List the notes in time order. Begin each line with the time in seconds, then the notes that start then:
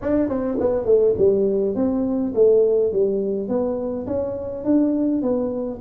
0.01 D4
0.28 C4
0.60 B3
0.85 A3
1.18 G3
1.75 C4
2.35 A3
2.92 G3
3.48 B3
4.06 C#4
4.64 D4
5.22 B3